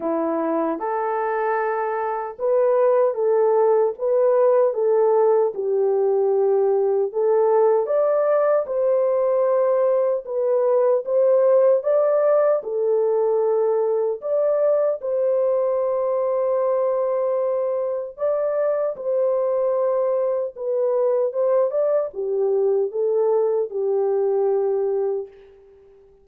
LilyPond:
\new Staff \with { instrumentName = "horn" } { \time 4/4 \tempo 4 = 76 e'4 a'2 b'4 | a'4 b'4 a'4 g'4~ | g'4 a'4 d''4 c''4~ | c''4 b'4 c''4 d''4 |
a'2 d''4 c''4~ | c''2. d''4 | c''2 b'4 c''8 d''8 | g'4 a'4 g'2 | }